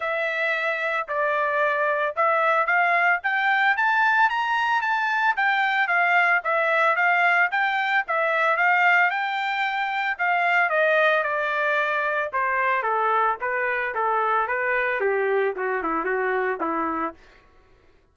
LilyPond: \new Staff \with { instrumentName = "trumpet" } { \time 4/4 \tempo 4 = 112 e''2 d''2 | e''4 f''4 g''4 a''4 | ais''4 a''4 g''4 f''4 | e''4 f''4 g''4 e''4 |
f''4 g''2 f''4 | dis''4 d''2 c''4 | a'4 b'4 a'4 b'4 | g'4 fis'8 e'8 fis'4 e'4 | }